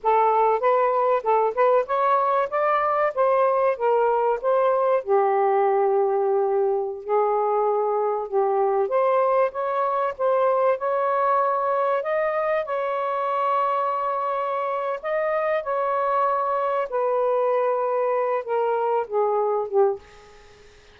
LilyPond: \new Staff \with { instrumentName = "saxophone" } { \time 4/4 \tempo 4 = 96 a'4 b'4 a'8 b'8 cis''4 | d''4 c''4 ais'4 c''4 | g'2.~ g'16 gis'8.~ | gis'4~ gis'16 g'4 c''4 cis''8.~ |
cis''16 c''4 cis''2 dis''8.~ | dis''16 cis''2.~ cis''8. | dis''4 cis''2 b'4~ | b'4. ais'4 gis'4 g'8 | }